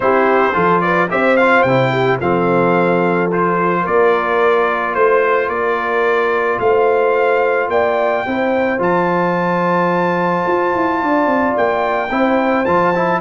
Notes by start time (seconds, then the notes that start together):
0.00 C4 E4 G4 C5
0.53 F3 F4 A4
0.81 B4 D5
1.10 C4 G4 C5 E5
1.36 F4 F5
1.62 C3 E4 G5
1.91 G4
2.20 F3 C4 A4 F5
3.31 F4 C5
3.81 A#3 A#4 D5
4.94 A3 C5
5.48 A#3 A#4 D5
6.59 A3 C5 F5
7.68 A#3 D5 G5
8.26 C4 E4 C5
8.78 F3 F4 A5
10.47 F4
10.75 E4
11.01 D4 D5
11.26 C4
11.57 A#3 G5
12.10 C4 E4 C5
12.65 F3 F4 A5
12.95 E4